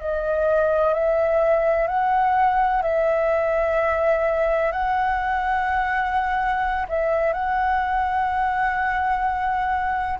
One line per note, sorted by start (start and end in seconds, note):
0.00 0.94 D#5
0.94 1.87 E5
1.87 2.82 F#5
2.82 4.71 E5
4.71 6.86 F#5
6.88 7.33 E5
7.33 10.19 F#5